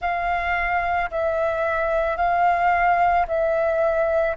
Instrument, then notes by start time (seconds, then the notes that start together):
flute
0.00 F5
1.10 E5
2.17 F5
3.27 E5